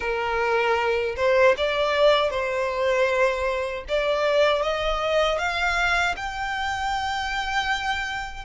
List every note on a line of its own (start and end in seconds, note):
0.00 1.15 A#4
1.16 1.55 C5
1.57 2.30 D5
2.30 3.84 C5
3.88 4.62 D5
4.62 5.38 D#5
5.38 6.15 F5
6.16 8.44 G5